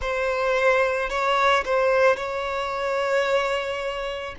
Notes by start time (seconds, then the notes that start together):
0.01 C5
1.09 C#5
1.65 C5
2.16 C#5